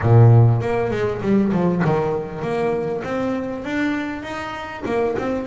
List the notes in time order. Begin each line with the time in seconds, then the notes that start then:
0.02 A#2
0.60 A#3
0.91 G#3
1.21 G3
1.52 F3
1.85 D#3
2.42 A#3
3.03 C4
3.64 D4
4.22 D#4
4.85 A#3
5.18 C4